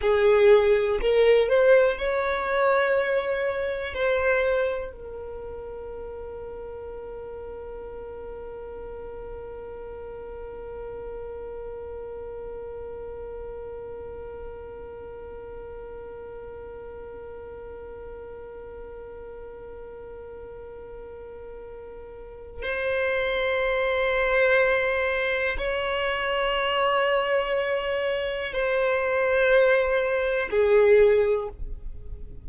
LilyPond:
\new Staff \with { instrumentName = "violin" } { \time 4/4 \tempo 4 = 61 gis'4 ais'8 c''8 cis''2 | c''4 ais'2.~ | ais'1~ | ais'1~ |
ais'1~ | ais'2. c''4~ | c''2 cis''2~ | cis''4 c''2 gis'4 | }